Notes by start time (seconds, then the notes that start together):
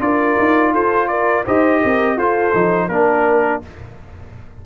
0.00 D4 F4 A#4 D5
0.39 D#4
0.73 F4 A4 C5
1.08 A#4 D5
1.45 D#4 G4 C5 D#5
1.82 C4 A#4
2.16 F4 A4 C5
2.54 F3 D#4
2.88 A#3 D4 A#4